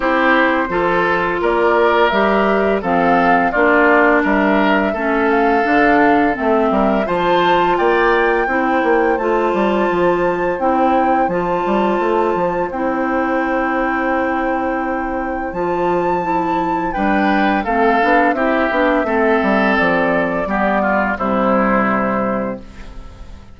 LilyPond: <<
  \new Staff \with { instrumentName = "flute" } { \time 4/4 \tempo 4 = 85 c''2 d''4 e''4 | f''4 d''4 e''4. f''8~ | f''4 e''4 a''4 g''4~ | g''4 a''2 g''4 |
a''2 g''2~ | g''2 a''2 | g''4 f''4 e''2 | d''2 c''2 | }
  \new Staff \with { instrumentName = "oboe" } { \time 4/4 g'4 a'4 ais'2 | a'4 f'4 ais'4 a'4~ | a'4. ais'8 c''4 d''4 | c''1~ |
c''1~ | c''1 | b'4 a'4 g'4 a'4~ | a'4 g'8 f'8 e'2 | }
  \new Staff \with { instrumentName = "clarinet" } { \time 4/4 e'4 f'2 g'4 | c'4 d'2 cis'4 | d'4 c'4 f'2 | e'4 f'2 e'4 |
f'2 e'2~ | e'2 f'4 e'4 | d'4 c'8 d'8 e'8 d'8 c'4~ | c'4 b4 g2 | }
  \new Staff \with { instrumentName = "bassoon" } { \time 4/4 c'4 f4 ais4 g4 | f4 ais4 g4 a4 | d4 a8 g8 f4 ais4 | c'8 ais8 a8 g8 f4 c'4 |
f8 g8 a8 f8 c'2~ | c'2 f2 | g4 a8 b8 c'8 b8 a8 g8 | f4 g4 c2 | }
>>